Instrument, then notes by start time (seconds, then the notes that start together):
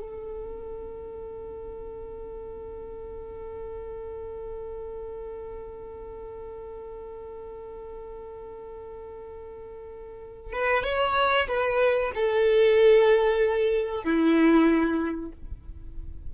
violin
0.00 A4
10.52 B4
10.83 C#5
11.47 B4
12.14 A4
14.04 E4